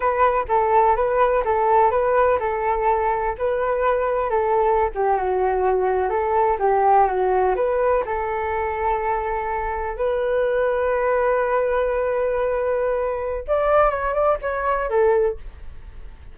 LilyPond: \new Staff \with { instrumentName = "flute" } { \time 4/4 \tempo 4 = 125 b'4 a'4 b'4 a'4 | b'4 a'2 b'4~ | b'4 a'4~ a'16 g'8 fis'4~ fis'16~ | fis'8. a'4 g'4 fis'4 b'16~ |
b'8. a'2.~ a'16~ | a'8. b'2.~ b'16~ | b'1 | d''4 cis''8 d''8 cis''4 a'4 | }